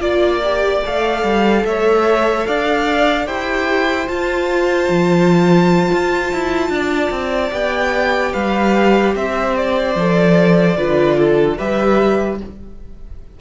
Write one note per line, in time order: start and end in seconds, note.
0.00 0.81 A#3
0.00 0.41 F4
0.00 0.81 D5
0.00 1.64 D5
0.44 0.84 G4
0.84 1.23 A3
0.84 3.26 A4
0.84 1.65 F5
1.23 1.64 G3
1.64 2.45 A3
1.64 2.47 C#5
1.64 2.46 E5
2.46 3.26 D4
2.46 3.26 D5
2.46 3.27 F5
3.26 4.07 E4
3.26 4.07 G4
3.26 6.71 C5
3.26 4.08 G5
4.07 7.50 F4
4.07 4.89 F4
4.07 7.52 A5
4.89 5.90 F3
5.92 6.32 F4
6.32 6.69 E4
6.69 7.09 D4
6.69 8.32 D5
7.10 7.51 C4
7.50 8.33 B3
7.50 9.93 G4
7.50 8.33 G5
8.32 9.15 G3
8.32 9.13 B4
8.32 9.14 F5
9.15 9.95 C4
9.15 10.76 C5
9.15 9.56 E5
9.56 11.58 D5
9.95 10.76 F3
9.95 10.77 A4
10.76 11.58 D3
10.76 11.57 F4
10.76 11.17 B4
11.18 11.57 A4
11.57 12.40 G3
11.57 12.39 G4
11.57 12.39 B4
11.57 12.39 E5